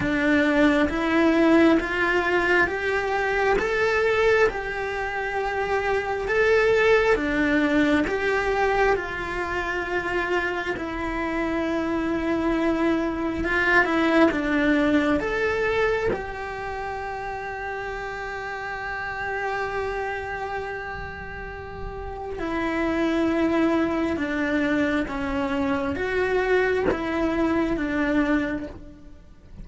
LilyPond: \new Staff \with { instrumentName = "cello" } { \time 4/4 \tempo 4 = 67 d'4 e'4 f'4 g'4 | a'4 g'2 a'4 | d'4 g'4 f'2 | e'2. f'8 e'8 |
d'4 a'4 g'2~ | g'1~ | g'4 e'2 d'4 | cis'4 fis'4 e'4 d'4 | }